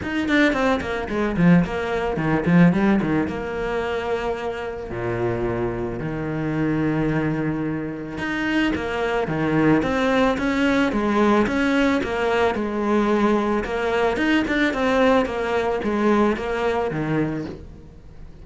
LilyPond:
\new Staff \with { instrumentName = "cello" } { \time 4/4 \tempo 4 = 110 dis'8 d'8 c'8 ais8 gis8 f8 ais4 | dis8 f8 g8 dis8 ais2~ | ais4 ais,2 dis4~ | dis2. dis'4 |
ais4 dis4 c'4 cis'4 | gis4 cis'4 ais4 gis4~ | gis4 ais4 dis'8 d'8 c'4 | ais4 gis4 ais4 dis4 | }